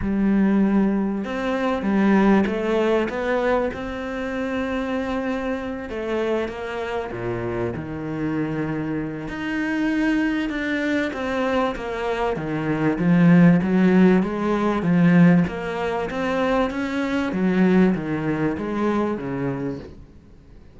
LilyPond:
\new Staff \with { instrumentName = "cello" } { \time 4/4 \tempo 4 = 97 g2 c'4 g4 | a4 b4 c'2~ | c'4. a4 ais4 ais,8~ | ais,8 dis2~ dis8 dis'4~ |
dis'4 d'4 c'4 ais4 | dis4 f4 fis4 gis4 | f4 ais4 c'4 cis'4 | fis4 dis4 gis4 cis4 | }